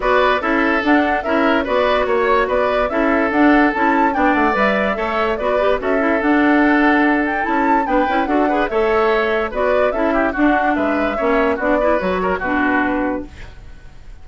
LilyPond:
<<
  \new Staff \with { instrumentName = "flute" } { \time 4/4 \tempo 4 = 145 d''4 e''4 fis''4 e''4 | d''4 cis''4 d''4 e''4 | fis''4 a''4 g''8 fis''8 e''4~ | e''4 d''4 e''4 fis''4~ |
fis''4. g''8 a''4 g''4 | fis''4 e''2 d''4 | e''4 fis''4 e''2 | d''4 cis''4 b'2 | }
  \new Staff \with { instrumentName = "oboe" } { \time 4/4 b'4 a'2 ais'4 | b'4 cis''4 b'4 a'4~ | a'2 d''2 | cis''4 b'4 a'2~ |
a'2. b'4 | a'8 b'8 cis''2 b'4 | a'8 g'8 fis'4 b'4 cis''4 | fis'8 b'4 ais'8 fis'2 | }
  \new Staff \with { instrumentName = "clarinet" } { \time 4/4 fis'4 e'4 d'4 e'4 | fis'2. e'4 | d'4 e'4 d'4 b'4 | a'4 fis'8 g'8 fis'8 e'8 d'4~ |
d'2 e'4 d'8 e'8 | fis'8 gis'8 a'2 fis'4 | e'4 d'2 cis'4 | d'8 e'8 fis'4 d'2 | }
  \new Staff \with { instrumentName = "bassoon" } { \time 4/4 b4 cis'4 d'4 cis'4 | b4 ais4 b4 cis'4 | d'4 cis'4 b8 a8 g4 | a4 b4 cis'4 d'4~ |
d'2 cis'4 b8 cis'8 | d'4 a2 b4 | cis'4 d'4 gis4 ais4 | b4 fis4 b,2 | }
>>